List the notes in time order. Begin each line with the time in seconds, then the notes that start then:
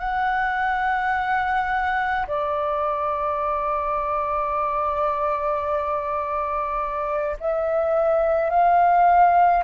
0.00 F#5
2.28 D5
7.40 E5
8.51 F5